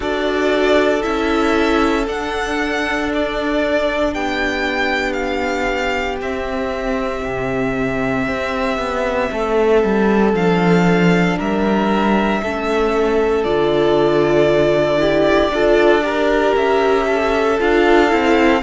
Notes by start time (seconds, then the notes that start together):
0.00 D4 F#4 A4 D5
1.02 C#4 E4 E5
2.06 D4 F#5
3.13 D5
4.12 B3 G4 G5
5.12 F5
6.21 C4 E5
7.25 C3
8.28 C4
8.77 B3
9.32 A3 A4
9.83 G3
10.33 F3 D4 F5
11.37 G3 A#4 E5
12.42 A3 C#4 A4
13.44 D3 F4 D5
14.98 E4 G4
15.49 D4 F4 A4
16.01 G4 A#4
16.55 C#4 E5
17.06 A4
17.59 D4 F4 F5
18.09 C4 E4